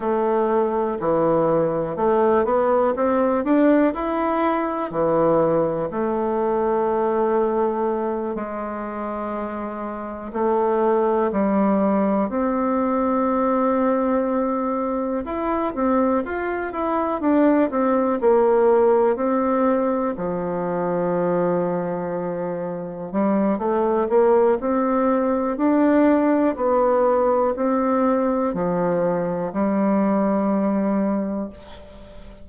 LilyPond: \new Staff \with { instrumentName = "bassoon" } { \time 4/4 \tempo 4 = 61 a4 e4 a8 b8 c'8 d'8 | e'4 e4 a2~ | a8 gis2 a4 g8~ | g8 c'2. e'8 |
c'8 f'8 e'8 d'8 c'8 ais4 c'8~ | c'8 f2. g8 | a8 ais8 c'4 d'4 b4 | c'4 f4 g2 | }